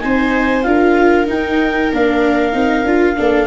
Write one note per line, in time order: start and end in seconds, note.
0.00 0.65 C4
0.00 0.63 D#4
0.00 0.68 C5
0.00 0.63 G#5
0.63 1.29 D4
0.63 1.26 F4
0.63 3.19 A#4
0.63 1.26 F5
1.26 1.90 D#4
1.26 1.92 D#4
1.26 1.93 G5
1.92 2.54 A#3
1.92 2.53 D4
1.92 3.47 F5
2.53 2.85 C4
2.53 2.84 D#4
2.85 3.16 D4
2.85 3.16 F4
3.16 3.47 A#3
3.16 3.47 D4
3.16 3.47 A4